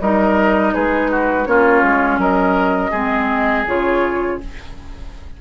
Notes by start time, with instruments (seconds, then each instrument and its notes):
0.00 bassoon G3, clarinet D#4, oboe A#4, flute D#5
0.74 bassoon G#3, oboe G#4, flute B4
1.11 oboe F#4
1.46 bassoon A#3, clarinet C#4, oboe F4, flute C#5
1.82 bassoon G#3
2.17 bassoon F#3, oboe A#4, flute D#5
2.91 bassoon G#3, clarinet C4, oboe G#4
3.66 bassoon C#3, clarinet F4, flute C#5